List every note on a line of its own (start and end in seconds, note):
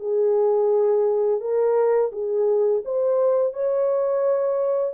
0.00 1.41 G#4
1.41 2.11 A#4
2.12 2.83 G#4
2.85 3.53 C5
3.53 4.94 C#5